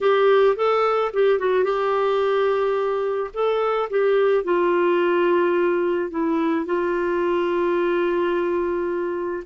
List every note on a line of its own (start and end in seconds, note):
0.01 0.56 G4
0.56 1.11 A4
1.13 1.38 G4
1.38 1.64 F#4
1.64 3.31 G4
3.33 3.89 A4
3.89 4.43 G4
4.43 6.10 F4
6.10 6.65 E4
6.65 9.43 F4